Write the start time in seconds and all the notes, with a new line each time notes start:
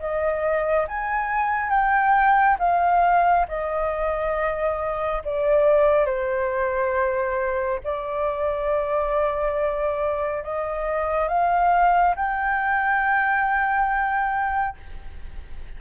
0.00 D#5
0.88 G#5
1.70 G5
2.59 F5
3.49 D#5
5.25 D5
6.06 C5
7.84 D5
10.43 D#5
11.28 F5
12.16 G5